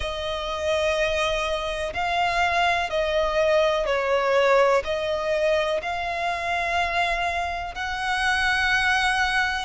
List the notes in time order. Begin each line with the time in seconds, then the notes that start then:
0.00 D#5
1.94 F5
2.90 D#5
3.86 C#5
4.84 D#5
5.82 F5
7.75 F#5